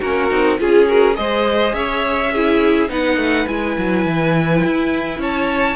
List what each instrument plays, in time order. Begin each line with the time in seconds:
0.00 cello A#3, viola C#4, violin F#4 A#4
0.30 cello C4, viola D#4
0.58 cello C#4, viola F4, violin G#4
0.87 viola F#4, violin A#4
1.13 cello G#3, viola G#4, violin C5 D#5
1.73 cello C#4, violin C#5 E5
2.32 viola E4, violin G#4
2.89 cello B3, viola D#4, violin B4 F#5
3.16 cello A3
3.46 cello G#3, viola E4, violin G#5
3.77 cello F#3
4.05 cello E3
4.64 cello E4
5.18 cello C#4, violin C#5 A5